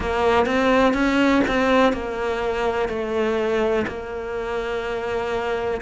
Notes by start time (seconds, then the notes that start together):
0.00 A#3
0.46 C4
0.93 C#4
1.47 C4
1.93 A#3
2.88 A3
3.87 A#3